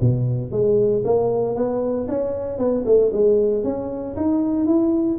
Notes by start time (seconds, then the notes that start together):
0.00 B2
0.51 G#3
1.04 A#3
1.55 B3
2.08 C#4
2.58 B3
2.85 A3
3.12 G#3
3.63 C#4
4.16 D#4
4.66 E4